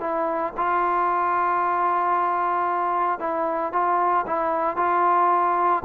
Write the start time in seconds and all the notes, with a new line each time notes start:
0.00 E4
0.57 F4
3.19 E4
3.72 F4
4.26 E4
4.76 F4